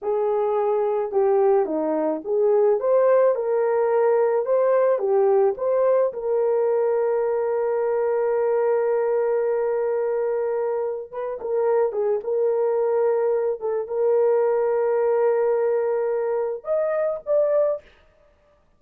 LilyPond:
\new Staff \with { instrumentName = "horn" } { \time 4/4 \tempo 4 = 108 gis'2 g'4 dis'4 | gis'4 c''4 ais'2 | c''4 g'4 c''4 ais'4~ | ais'1~ |
ais'1 | b'8 ais'4 gis'8 ais'2~ | ais'8 a'8 ais'2.~ | ais'2 dis''4 d''4 | }